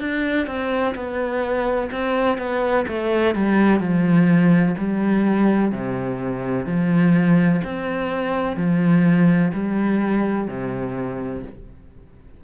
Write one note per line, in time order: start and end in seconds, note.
0.00 0.47 D4
0.47 0.95 C4
0.95 1.90 B3
1.92 2.38 C4
2.38 2.86 B3
2.88 3.35 A3
3.35 3.80 G3
3.80 4.75 F3
4.78 5.72 G3
5.72 6.66 C3
6.66 7.61 F3
7.65 8.57 C4
8.57 9.52 F3
9.54 10.48 G3
10.48 11.43 C3